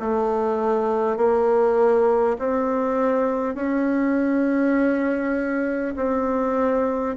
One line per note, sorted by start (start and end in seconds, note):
0.00 1.17 A3
1.17 2.37 A#3
2.38 3.55 C4
3.55 5.95 C#4
5.96 7.16 C4